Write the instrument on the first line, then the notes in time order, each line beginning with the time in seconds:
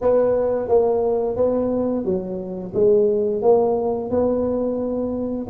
tuba
0.01 B3
0.68 A#3
1.36 B3
2.05 F#3
2.74 G#3
3.42 A#3
4.10 B3